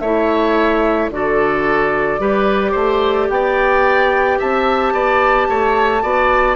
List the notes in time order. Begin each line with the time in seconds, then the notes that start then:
0.00 A3 E4 C#5 E5
1.10 D3 F#4 A4 D5
2.19 G3 G4 B4
2.72 A3 C5
3.29 B3 D5 G5
4.39 C4 E5 A5
4.92 B3 D5
5.49 A3 C#5
6.02 B3 F#4 D5